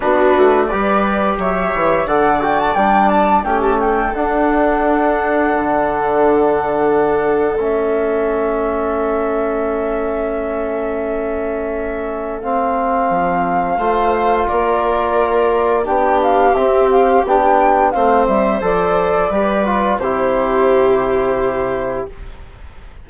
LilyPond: <<
  \new Staff \with { instrumentName = "flute" } { \time 4/4 \tempo 4 = 87 b'4 d''4 e''4 fis''8 g''16 a''16 | g''8 a''8 g''16 a''16 g''8 fis''2~ | fis''2. e''4~ | e''1~ |
e''2 f''2~ | f''4 d''2 g''8 f''8 | e''8 f''8 g''4 f''8 e''8 d''4~ | d''4 c''2. | }
  \new Staff \with { instrumentName = "viola" } { \time 4/4 fis'4 b'4 cis''4 d''4~ | d''4 g'8 a'2~ a'8~ | a'1~ | a'1~ |
a'1 | c''4 ais'2 g'4~ | g'2 c''2 | b'4 g'2. | }
  \new Staff \with { instrumentName = "trombone" } { \time 4/4 d'4 g'2 a'8 fis'8 | d'4 cis'4 d'2~ | d'2. cis'4~ | cis'1~ |
cis'2 c'2 | f'2. d'4 | c'4 d'4 c'4 a'4 | g'8 f'8 e'2. | }
  \new Staff \with { instrumentName = "bassoon" } { \time 4/4 b8 a8 g4 fis8 e8 d4 | g4 a4 d'2 | d2. a4~ | a1~ |
a2. f4 | a4 ais2 b4 | c'4 b4 a8 g8 f4 | g4 c2. | }
>>